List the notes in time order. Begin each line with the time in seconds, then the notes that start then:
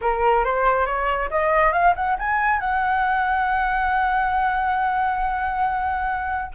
0.01 A#4
0.44 C5
0.86 C#5
1.30 D#5
1.72 F5
1.95 F#5
2.19 G#5
2.60 F#5